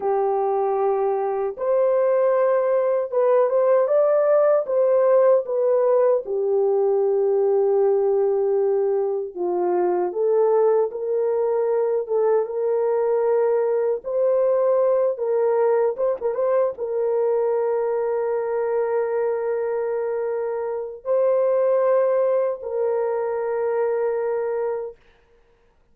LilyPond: \new Staff \with { instrumentName = "horn" } { \time 4/4 \tempo 4 = 77 g'2 c''2 | b'8 c''8 d''4 c''4 b'4 | g'1 | f'4 a'4 ais'4. a'8 |
ais'2 c''4. ais'8~ | ais'8 c''16 ais'16 c''8 ais'2~ ais'8~ | ais'2. c''4~ | c''4 ais'2. | }